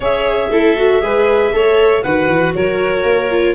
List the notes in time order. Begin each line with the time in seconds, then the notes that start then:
0.00 C#4 G#4 C#5 E5
0.49 A3 E4 A4
0.76 F#4
1.01 G#3 G#4 B4
1.52 A3 A4 C#5
2.02 D#3 F#4 B4 F#5
2.27 E3
2.54 F#3 A#4 C#5
3.03 A#3
3.30 F4